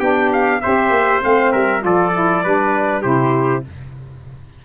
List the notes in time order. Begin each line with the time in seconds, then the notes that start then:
0.00 B3 D4 G4 G5
0.33 F5
0.62 C4 G4 C5 E5
0.90 A#3
1.21 A3 C4 F5
1.53 G3 A#4 E5
1.81 F3 F4 A4 D5
2.14 E4
2.44 G3 D4 B4
3.02 C3 E4 G4 C5